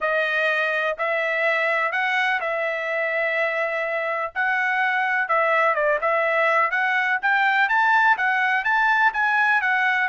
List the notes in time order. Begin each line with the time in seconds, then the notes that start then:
0.00 D#5
0.98 E5
1.92 F#5
2.40 E5
4.35 F#5
5.28 E5
5.74 D5
6.01 E5
6.70 F#5
7.22 G5
7.68 A5
8.17 F#5
8.64 A5
9.13 G#5
9.61 F#5